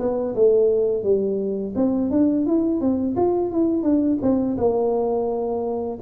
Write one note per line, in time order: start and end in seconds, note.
0.00 0.35 B3
0.36 1.04 A3
1.04 1.74 G3
1.76 2.11 C4
2.11 2.47 D4
2.47 2.81 E4
2.81 3.16 C4
3.17 3.52 F4
3.52 3.83 E4
3.83 4.19 D4
4.22 4.58 C4
4.58 5.99 A#3